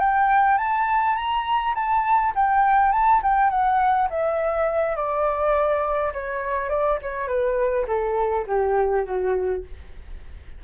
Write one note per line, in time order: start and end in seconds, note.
0.00 0.58 G5
0.58 1.16 A5
1.16 1.74 A#5
1.75 2.33 A5
2.36 2.93 G5
2.93 3.22 A5
3.23 3.51 G5
3.51 4.09 F#5
4.11 4.96 E5
4.96 6.13 D5
6.14 6.70 C#5
6.70 6.99 D5
7.02 7.28 C#5
7.28 7.86 B4
7.88 8.46 A4
8.48 9.06 G4
9.06 9.64 F#4